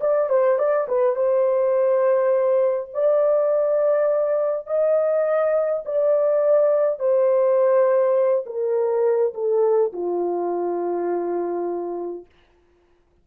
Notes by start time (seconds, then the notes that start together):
0.00 D5
0.29 C5
0.58 D5
0.88 B4
1.15 C5
2.93 D5
4.67 D#5
5.85 D5
6.99 C5
8.46 A#4
9.34 A4
9.92 F4